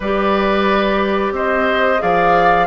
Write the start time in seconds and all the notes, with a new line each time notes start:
0.00 G3 G4 B4 D5
1.31 C4 C5 D#5
1.98 F3 G#4 D5 F5